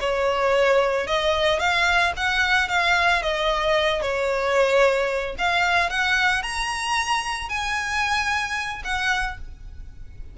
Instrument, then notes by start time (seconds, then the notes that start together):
violin
0.00 C#5
1.07 D#5
1.59 F5
2.16 F#5
2.69 F5
3.22 D#5
4.02 C#5
5.38 F5
5.90 F#5
6.42 A#5
7.49 G#5
8.84 F#5